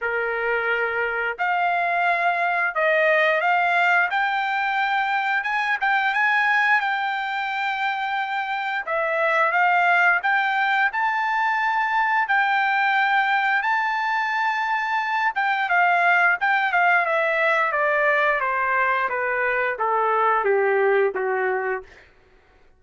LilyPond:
\new Staff \with { instrumentName = "trumpet" } { \time 4/4 \tempo 4 = 88 ais'2 f''2 | dis''4 f''4 g''2 | gis''8 g''8 gis''4 g''2~ | g''4 e''4 f''4 g''4 |
a''2 g''2 | a''2~ a''8 g''8 f''4 | g''8 f''8 e''4 d''4 c''4 | b'4 a'4 g'4 fis'4 | }